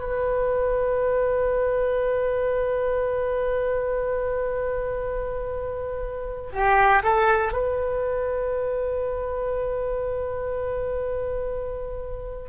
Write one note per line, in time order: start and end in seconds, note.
0.00 6.50 B4
6.52 7.02 G4
7.03 7.52 A4
7.52 12.49 B4